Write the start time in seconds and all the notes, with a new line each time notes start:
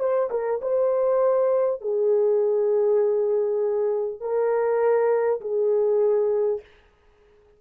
0.00 C5
0.31 A#4
0.62 C5
1.81 G#4
4.21 A#4
5.41 G#4